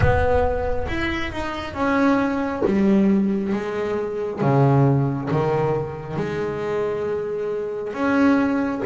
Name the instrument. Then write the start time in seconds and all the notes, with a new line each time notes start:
double bass
0.00 B3
0.87 E4
1.32 D#4
1.74 C#4
2.65 G3
3.53 G#3
4.41 C#3
5.31 D#3
6.16 G#3
7.93 C#4